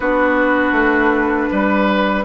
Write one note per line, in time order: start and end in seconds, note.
0.00 0.72 B3
0.00 2.24 D4
0.00 1.49 F#4
0.00 2.24 B4
0.72 1.47 A3
1.51 2.24 G3
1.51 2.24 B4